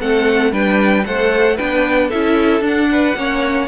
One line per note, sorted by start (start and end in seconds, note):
0.00 0.52 A3
0.00 0.52 C4
0.00 0.53 A4
0.00 0.53 F#5
0.52 1.04 G3
0.52 1.05 D4
0.52 1.05 B4
0.52 1.06 G5
1.06 1.59 A3
1.06 1.58 A4
1.06 1.56 C5
1.06 1.57 F#5
1.56 2.13 B3
1.56 2.11 D4
1.56 2.08 B4
1.56 2.10 G5
2.08 2.61 C#4
2.08 2.62 E4
2.08 2.87 A4
2.08 2.63 E5
2.61 3.14 D4
2.61 3.15 D4
2.61 3.68 F#5
2.92 3.18 B4
3.16 3.68 A#3
3.16 3.68 C#4
3.16 3.68 C#5